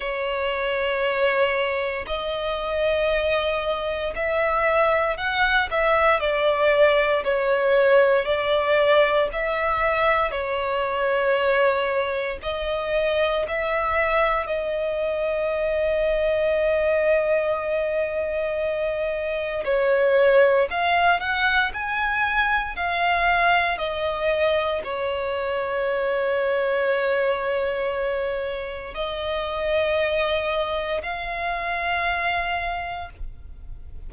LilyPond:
\new Staff \with { instrumentName = "violin" } { \time 4/4 \tempo 4 = 58 cis''2 dis''2 | e''4 fis''8 e''8 d''4 cis''4 | d''4 e''4 cis''2 | dis''4 e''4 dis''2~ |
dis''2. cis''4 | f''8 fis''8 gis''4 f''4 dis''4 | cis''1 | dis''2 f''2 | }